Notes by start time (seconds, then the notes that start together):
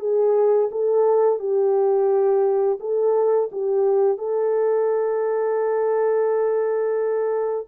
0.00 G#4
0.72 A4
1.40 G4
2.80 A4
3.52 G4
4.18 A4